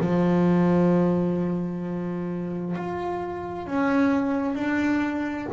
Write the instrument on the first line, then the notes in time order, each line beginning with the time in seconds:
double bass
0.00 F3
2.76 F4
3.67 C#4
4.55 D4